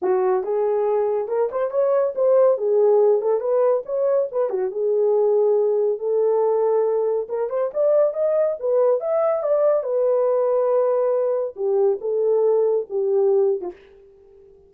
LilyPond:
\new Staff \with { instrumentName = "horn" } { \time 4/4 \tempo 4 = 140 fis'4 gis'2 ais'8 c''8 | cis''4 c''4 gis'4. a'8 | b'4 cis''4 b'8 fis'8 gis'4~ | gis'2 a'2~ |
a'4 ais'8 c''8 d''4 dis''4 | b'4 e''4 d''4 b'4~ | b'2. g'4 | a'2 g'4.~ g'16 f'16 | }